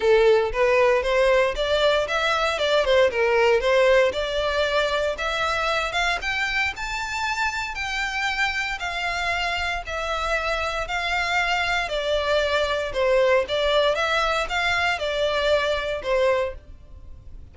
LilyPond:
\new Staff \with { instrumentName = "violin" } { \time 4/4 \tempo 4 = 116 a'4 b'4 c''4 d''4 | e''4 d''8 c''8 ais'4 c''4 | d''2 e''4. f''8 | g''4 a''2 g''4~ |
g''4 f''2 e''4~ | e''4 f''2 d''4~ | d''4 c''4 d''4 e''4 | f''4 d''2 c''4 | }